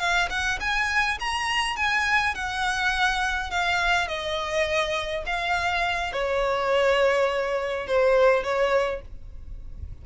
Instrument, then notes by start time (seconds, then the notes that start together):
violin
0.00 F5
0.30 F#5
0.61 G#5
1.20 A#5
1.77 G#5
2.35 F#5
3.51 F5
4.08 D#5
5.27 F5
6.13 C#5
7.87 C5
8.44 C#5